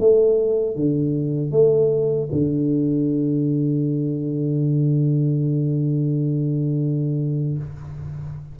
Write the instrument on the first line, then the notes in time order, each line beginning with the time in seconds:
tuba
0.00 A3
0.76 D3
1.52 A3
2.32 D3